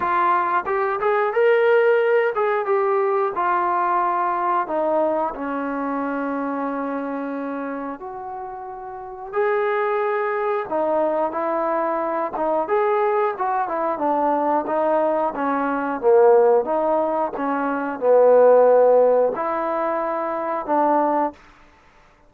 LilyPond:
\new Staff \with { instrumentName = "trombone" } { \time 4/4 \tempo 4 = 90 f'4 g'8 gis'8 ais'4. gis'8 | g'4 f'2 dis'4 | cis'1 | fis'2 gis'2 |
dis'4 e'4. dis'8 gis'4 | fis'8 e'8 d'4 dis'4 cis'4 | ais4 dis'4 cis'4 b4~ | b4 e'2 d'4 | }